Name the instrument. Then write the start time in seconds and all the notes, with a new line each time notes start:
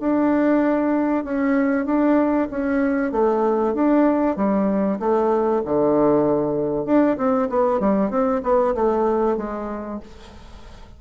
bassoon
0.00 D4
1.24 C#4
1.86 D4
2.50 C#4
3.12 A3
3.75 D4
4.37 G3
5.00 A3
5.65 D3
6.86 D4
7.18 C4
7.50 B3
7.80 G3
8.11 C4
8.43 B3
8.75 A3
9.38 G#3